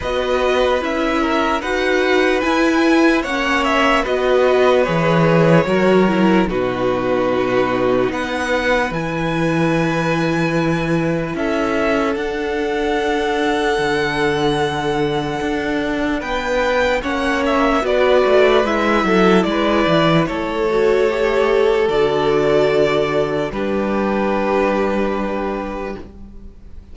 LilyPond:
<<
  \new Staff \with { instrumentName = "violin" } { \time 4/4 \tempo 4 = 74 dis''4 e''4 fis''4 gis''4 | fis''8 e''8 dis''4 cis''2 | b'2 fis''4 gis''4~ | gis''2 e''4 fis''4~ |
fis''1 | g''4 fis''8 e''8 d''4 e''4 | d''4 cis''2 d''4~ | d''4 b'2. | }
  \new Staff \with { instrumentName = "violin" } { \time 4/4 b'4. ais'8 b'2 | cis''4 b'2 ais'4 | fis'2 b'2~ | b'2 a'2~ |
a'1 | b'4 cis''4 b'4. a'8 | b'4 a'2.~ | a'4 g'2. | }
  \new Staff \with { instrumentName = "viola" } { \time 4/4 fis'4 e'4 fis'4 e'4 | cis'4 fis'4 gis'4 fis'8 e'8 | dis'2. e'4~ | e'2. d'4~ |
d'1~ | d'4 cis'4 fis'4 e'4~ | e'4. fis'8 g'4 fis'4~ | fis'4 d'2. | }
  \new Staff \with { instrumentName = "cello" } { \time 4/4 b4 cis'4 dis'4 e'4 | ais4 b4 e4 fis4 | b,2 b4 e4~ | e2 cis'4 d'4~ |
d'4 d2 d'4 | b4 ais4 b8 a8 gis8 fis8 | gis8 e8 a2 d4~ | d4 g2. | }
>>